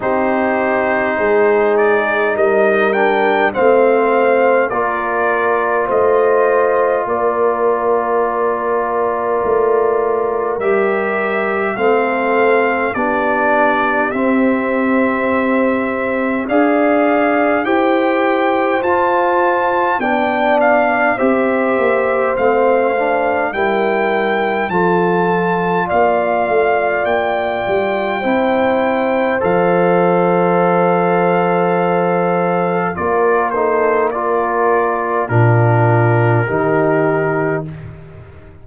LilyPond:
<<
  \new Staff \with { instrumentName = "trumpet" } { \time 4/4 \tempo 4 = 51 c''4. d''8 dis''8 g''8 f''4 | d''4 dis''4 d''2~ | d''4 e''4 f''4 d''4 | e''2 f''4 g''4 |
a''4 g''8 f''8 e''4 f''4 | g''4 a''4 f''4 g''4~ | g''4 f''2. | d''8 c''8 d''4 ais'2 | }
  \new Staff \with { instrumentName = "horn" } { \time 4/4 g'4 gis'4 ais'4 c''4 | ais'4 c''4 ais'2~ | ais'2 a'4 g'4~ | g'2 d''4 c''4~ |
c''4 d''4 c''2 | ais'4 a'4 d''2 | c''1 | ais'8 a'8 ais'4 f'4 g'4 | }
  \new Staff \with { instrumentName = "trombone" } { \time 4/4 dis'2~ dis'8 d'8 c'4 | f'1~ | f'4 g'4 c'4 d'4 | c'2 gis'4 g'4 |
f'4 d'4 g'4 c'8 d'8 | e'4 f'2. | e'4 a'2. | f'8 dis'8 f'4 d'4 dis'4 | }
  \new Staff \with { instrumentName = "tuba" } { \time 4/4 c'4 gis4 g4 a4 | ais4 a4 ais2 | a4 g4 a4 b4 | c'2 d'4 e'4 |
f'4 b4 c'8 ais8 a4 | g4 f4 ais8 a8 ais8 g8 | c'4 f2. | ais2 ais,4 dis4 | }
>>